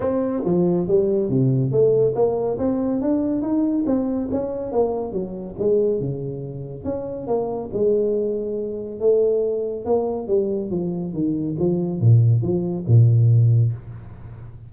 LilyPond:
\new Staff \with { instrumentName = "tuba" } { \time 4/4 \tempo 4 = 140 c'4 f4 g4 c4 | a4 ais4 c'4 d'4 | dis'4 c'4 cis'4 ais4 | fis4 gis4 cis2 |
cis'4 ais4 gis2~ | gis4 a2 ais4 | g4 f4 dis4 f4 | ais,4 f4 ais,2 | }